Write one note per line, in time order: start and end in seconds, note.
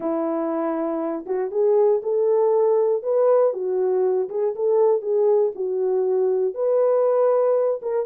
0.00 1.25 E4
1.26 1.51 F#4
1.51 2.01 G#4
2.02 3.02 A4
3.02 3.53 B4
3.53 4.29 F#4
4.29 4.54 G#4
4.55 5.01 A4
5.01 5.52 G#4
5.55 6.54 F#4
6.54 7.80 B4
7.82 8.06 A#4